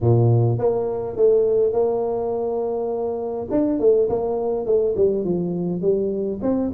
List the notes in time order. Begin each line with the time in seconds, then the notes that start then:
0.00 A#2
0.58 A#3
1.16 A3
1.72 A#3
3.50 D4
3.79 A3
4.09 A#3
4.65 A3
4.96 G3
5.24 F3
5.81 G3
6.42 C4